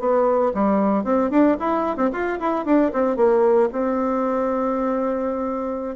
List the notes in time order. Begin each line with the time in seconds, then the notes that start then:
0.00 B3
0.54 G3
1.04 C4
1.31 D4
1.60 E4
1.97 C4
2.13 F4
2.40 E4
2.66 D4
2.93 C4
3.17 A#3
3.72 C4